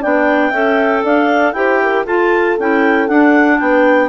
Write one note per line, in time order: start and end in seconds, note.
0.00 0.51 B3
0.00 0.53 D4
0.00 0.50 D5
0.00 1.05 G5
0.50 1.03 C#4
0.50 1.55 A4
0.50 1.01 E5
1.04 1.53 D4
1.04 1.55 D5
1.04 1.52 F5
1.52 2.04 E4
1.52 2.06 G4
1.52 1.82 C5
1.52 2.04 G5
1.83 2.05 A#4
2.05 2.57 F4
2.05 2.58 F4
2.05 3.59 A4
2.05 2.58 A5
2.59 3.09 C#4
2.59 3.09 E4
2.59 3.08 G5
3.08 3.60 D4
3.08 4.09 D4
3.08 3.59 F#5
3.59 4.09 B3
3.59 4.09 B4
3.59 4.09 G5